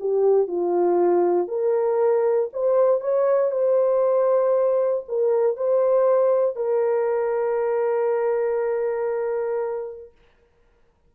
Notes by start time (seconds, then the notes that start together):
0.00 G4
0.48 F4
1.48 A#4
2.53 C5
3.01 C#5
3.52 C5
5.09 A#4
5.57 C5
6.56 A#4